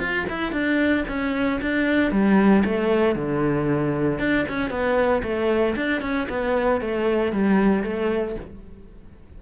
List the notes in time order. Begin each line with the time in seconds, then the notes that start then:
0.00 F4
0.30 E4
0.52 D4
1.08 C#4
1.62 D4
2.12 G3
2.65 A3
3.15 D3
4.19 D4
4.49 C#4
4.71 B3
5.23 A3
5.76 D4
6.01 C#4
6.29 B3
6.81 A3
7.32 G3
7.84 A3